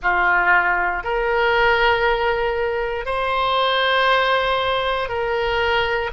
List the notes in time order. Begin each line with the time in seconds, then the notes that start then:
0.02 F4
1.03 A#4
3.05 C5
5.08 A#4